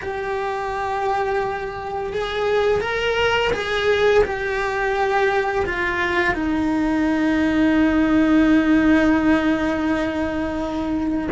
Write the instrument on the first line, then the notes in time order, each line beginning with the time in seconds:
cello
0.01 G4
2.13 G#4
2.80 A#4
3.53 G#4
4.24 G4
5.65 F4
6.34 D#4